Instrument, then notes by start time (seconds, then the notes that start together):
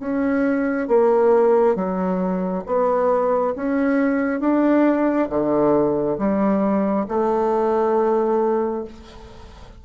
bassoon
0.00 C#4
0.88 A#3
1.76 F#3
2.66 B3
3.56 C#4
4.40 D4
5.30 D3
6.18 G3
7.09 A3